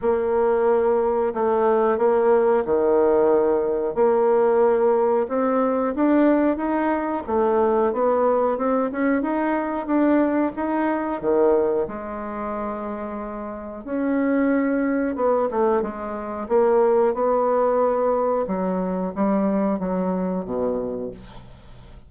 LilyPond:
\new Staff \with { instrumentName = "bassoon" } { \time 4/4 \tempo 4 = 91 ais2 a4 ais4 | dis2 ais2 | c'4 d'4 dis'4 a4 | b4 c'8 cis'8 dis'4 d'4 |
dis'4 dis4 gis2~ | gis4 cis'2 b8 a8 | gis4 ais4 b2 | fis4 g4 fis4 b,4 | }